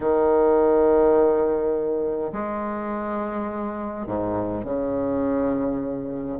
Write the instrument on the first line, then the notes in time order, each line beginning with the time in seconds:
bassoon
0.00 D#3
2.32 G#3
4.06 G#2
4.64 C#3